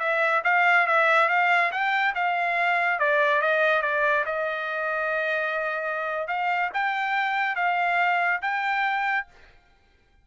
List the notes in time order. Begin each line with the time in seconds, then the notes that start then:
0.00 E5
0.44 F5
0.87 E5
1.29 F5
1.72 G5
2.15 F5
2.99 D5
3.42 D#5
3.82 D5
4.26 D#5
6.28 F5
6.74 G5
7.56 F5
8.42 G5